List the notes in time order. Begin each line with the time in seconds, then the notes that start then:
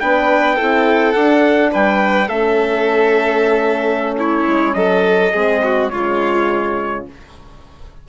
0.00 B3 D4 B4 G5
0.55 E4 A4
0.62 C4
1.12 D4 F#5
1.72 G3 B4 G5
2.28 A3 C#4 A4 E5
4.18 E4 C#5
4.47 G#3
4.74 F#3 A4 D#5
5.33 G#3 C4 G#4
5.64 F#4
5.89 C#3 G#3 F4 C#5